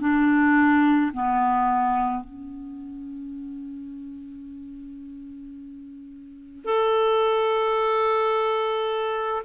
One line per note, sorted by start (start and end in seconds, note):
0.00 1.11 D4
1.13 2.24 B3
2.24 6.65 C#4
6.65 9.43 A4